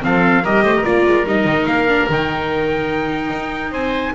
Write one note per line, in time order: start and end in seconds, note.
0.00 0.44 F3
0.00 0.41 C4
0.00 0.43 A4
0.00 0.45 F5
0.43 0.63 G3
0.43 0.84 G4
0.43 0.64 A#4
0.43 0.84 D#5
0.63 0.83 A3
0.63 0.74 C5
0.76 3.71 A#4
0.84 1.06 A#3
0.84 1.25 F4
0.84 1.25 D5
1.06 1.25 G#3
1.25 1.44 G3
1.25 1.88 D#4
1.25 1.66 D#5
1.44 1.65 D#3
1.66 2.07 A#3
1.66 2.07 F5
1.88 2.08 D4
2.09 3.30 D#3
2.09 4.15 D#4
2.09 3.73 G5
3.30 3.71 D#4
3.71 4.12 C4
3.71 4.12 C5
3.71 4.14 G#5